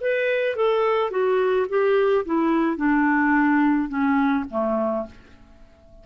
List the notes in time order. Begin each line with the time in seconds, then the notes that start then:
0.00 B4
0.56 A4
1.10 F#4
1.68 G4
2.25 E4
2.76 D4
3.88 C#4
4.50 A3